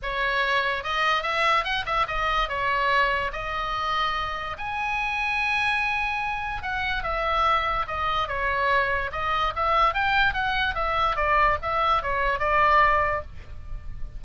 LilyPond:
\new Staff \with { instrumentName = "oboe" } { \time 4/4 \tempo 4 = 145 cis''2 dis''4 e''4 | fis''8 e''8 dis''4 cis''2 | dis''2. gis''4~ | gis''1 |
fis''4 e''2 dis''4 | cis''2 dis''4 e''4 | g''4 fis''4 e''4 d''4 | e''4 cis''4 d''2 | }